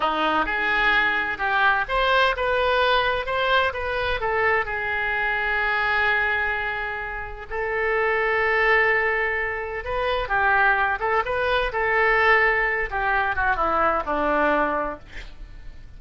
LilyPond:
\new Staff \with { instrumentName = "oboe" } { \time 4/4 \tempo 4 = 128 dis'4 gis'2 g'4 | c''4 b'2 c''4 | b'4 a'4 gis'2~ | gis'1 |
a'1~ | a'4 b'4 g'4. a'8 | b'4 a'2~ a'8 g'8~ | g'8 fis'8 e'4 d'2 | }